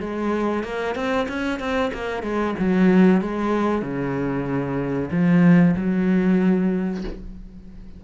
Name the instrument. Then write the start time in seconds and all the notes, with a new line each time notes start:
cello
0.00 G#3
0.64 A#3
0.95 C4
1.29 C#4
1.60 C4
1.94 A#3
2.23 G#3
2.59 F#3
3.21 G#3
3.82 C#3
5.12 F3
5.76 F#3